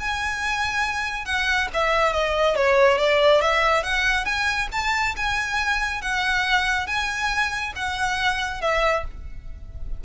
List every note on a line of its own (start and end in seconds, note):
0.00 1.25 G#5
1.25 1.69 F#5
1.74 2.13 E5
2.13 2.56 D#5
2.56 2.98 C#5
2.98 3.42 D5
3.42 3.83 E5
3.83 4.25 F#5
4.25 4.69 G#5
4.72 5.16 A5
5.17 6.02 G#5
6.02 6.87 F#5
6.87 7.73 G#5
7.76 8.62 F#5
8.62 9.05 E5